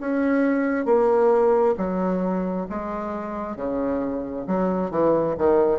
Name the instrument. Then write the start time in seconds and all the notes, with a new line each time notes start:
bassoon
0.00 C#4
0.85 A#3
1.77 F#3
2.69 G#3
3.56 C#3
4.47 F#3
4.91 E3
5.38 D#3